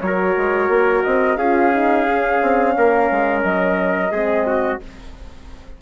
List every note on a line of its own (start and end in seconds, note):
0.00 0.35 F#3
0.00 1.39 F#4
0.00 1.02 C#5
0.06 1.38 A#4
0.37 0.68 G#3
0.68 1.03 A#3
1.03 1.36 C4
1.03 1.36 D#5
1.36 2.38 C#4
1.36 1.73 F4
1.36 2.74 G#4
1.36 3.41 F5
1.73 2.07 D#4
2.07 4.12 C#4
2.42 2.76 C4
2.76 3.10 A#3
2.76 4.11 A#4
3.11 3.43 G#3
3.43 4.11 F#3
3.43 4.79 D#5
4.11 4.79 G#3
4.11 4.82 C4
4.11 4.45 G#4
4.46 4.80 F#4